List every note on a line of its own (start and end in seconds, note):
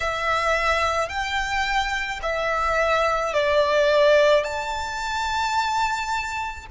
0.00 1.08 E5
1.08 2.19 G5
2.22 3.33 E5
3.33 4.43 D5
4.43 6.66 A5